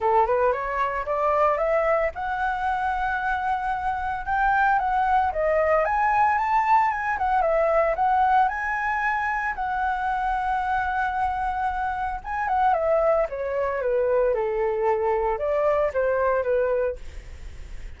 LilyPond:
\new Staff \with { instrumentName = "flute" } { \time 4/4 \tempo 4 = 113 a'8 b'8 cis''4 d''4 e''4 | fis''1 | g''4 fis''4 dis''4 gis''4 | a''4 gis''8 fis''8 e''4 fis''4 |
gis''2 fis''2~ | fis''2. gis''8 fis''8 | e''4 cis''4 b'4 a'4~ | a'4 d''4 c''4 b'4 | }